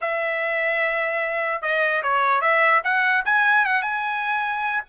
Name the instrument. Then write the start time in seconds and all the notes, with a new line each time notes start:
trumpet
0.01 E5
1.61 D#5
2.03 C#5
2.41 E5
2.84 F#5
3.25 G#5
3.65 F#5
3.82 G#5